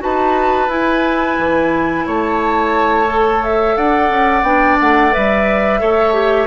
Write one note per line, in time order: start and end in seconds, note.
0.00 0.68 D#4
0.00 0.68 F#4
0.00 2.06 B4
0.00 0.70 A5
0.68 1.37 E4
0.68 3.07 E4
0.68 2.07 G#5
1.38 2.07 E3
2.06 3.77 A3
2.06 3.77 C#5
2.06 3.44 A5
3.07 4.43 A4
3.44 3.77 E5
3.77 4.10 D4
3.77 5.81 D5
3.77 4.44 F#5
4.10 4.43 C#4
4.43 4.77 B3
4.43 5.12 D4
4.43 4.78 G5
4.81 5.15 A3
4.81 5.14 F#5
5.12 5.82 G3
5.12 5.80 B4
5.12 6.47 E5
5.80 6.47 A3
5.80 6.14 A4
5.80 6.47 C#5
6.14 6.47 G4